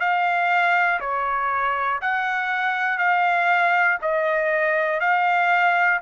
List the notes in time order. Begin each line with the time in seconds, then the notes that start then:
0.00 F5
1.00 C#5
2.01 F#5
2.98 F5
4.02 D#5
5.00 F5